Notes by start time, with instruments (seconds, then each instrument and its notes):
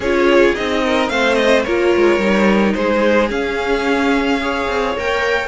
0.00 cello C#4, viola F4, violin G#4 C#5
0.54 cello C4, viola D#4, violin D#5
0.84 violin A#4
1.09 cello A3, viola C4, violin C5 F5
1.34 violin D#5
1.63 cello A#3, viola F4, violin A#4 C#5
1.95 cello G#3
2.18 cello G3, viola D#4
2.73 cello G#3, violin G#4 C5
3.30 cello C#4, viola C#4, violin F5
4.40 viola G#4, violin C#5
4.67 cello C4
4.96 cello A#3, viola A#4, violin G5